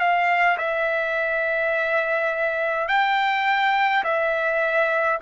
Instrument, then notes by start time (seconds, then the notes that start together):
trumpet
0.00 F5
0.58 E5
2.88 G5
4.04 E5